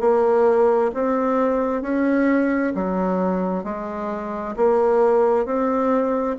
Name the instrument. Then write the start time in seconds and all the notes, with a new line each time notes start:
bassoon
0.00 A#3
0.94 C4
1.82 C#4
2.75 F#3
3.64 G#3
4.56 A#3
5.45 C4